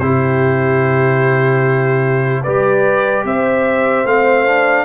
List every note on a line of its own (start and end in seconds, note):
0.00 2.43 C3
0.00 2.46 E4
0.00 2.43 G4
0.00 2.43 C5
2.43 3.25 G3
2.43 4.07 G4
2.43 3.24 B4
2.43 3.25 D5
3.25 4.05 C4
3.25 4.86 C5
3.25 4.07 E5
4.05 4.86 A3
4.05 4.47 C4
4.05 4.86 F5
4.47 4.86 D4